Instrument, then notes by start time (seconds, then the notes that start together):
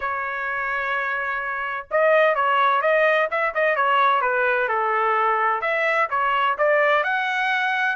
trumpet
0.00 C#5
1.90 D#5
2.35 C#5
2.81 D#5
3.30 E5
3.54 D#5
3.76 C#5
4.21 B4
4.68 A4
5.61 E5
6.09 C#5
6.58 D5
7.03 F#5